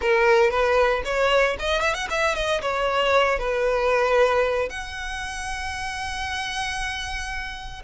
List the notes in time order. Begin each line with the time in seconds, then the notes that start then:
0.01 A#4
0.50 B4
1.04 C#5
1.59 D#5
1.81 E5
1.94 F#5
2.10 E5
2.35 D#5
2.61 C#5
3.38 B4
4.69 F#5